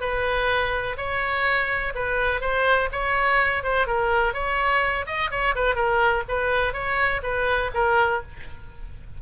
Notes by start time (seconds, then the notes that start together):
0.00 B4
0.97 C#5
1.94 B4
2.40 C5
2.91 C#5
3.63 C5
3.86 A#4
4.33 C#5
5.06 D#5
5.30 C#5
5.55 B4
5.75 A#4
6.28 B4
6.73 C#5
7.22 B4
7.73 A#4